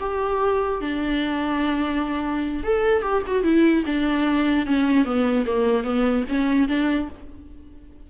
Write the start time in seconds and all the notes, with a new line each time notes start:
0.00 G4
0.81 D4
2.64 A4
3.02 G4
3.27 F#4
3.43 E4
3.86 D4
4.66 C#4
5.05 B3
5.46 A#3
5.84 B3
6.29 C#4
6.68 D4